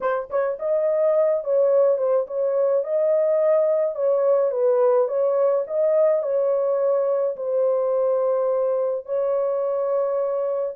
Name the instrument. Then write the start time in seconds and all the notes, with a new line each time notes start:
horn
0.00 C5
0.30 C#5
0.59 D#5
1.44 C#5
1.98 C5
2.27 C#5
2.84 D#5
3.95 C#5
4.51 B4
5.07 C#5
5.67 D#5
6.22 C#5
7.36 C5
9.05 C#5